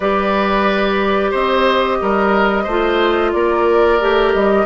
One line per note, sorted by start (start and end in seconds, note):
0.00 1.33 G3
0.00 2.67 G4
0.00 1.30 B4
0.00 1.32 D5
1.30 2.00 C4
1.30 1.97 C5
1.30 3.32 D#5
2.01 2.66 G3
2.01 2.63 A#4
2.63 3.33 A3
2.63 3.99 F4
2.63 3.30 C5
3.32 4.00 A#3
3.32 4.65 A#4
3.32 4.32 D5
3.99 4.34 A3
3.99 4.65 G4
4.33 4.65 G3
4.33 4.65 D#5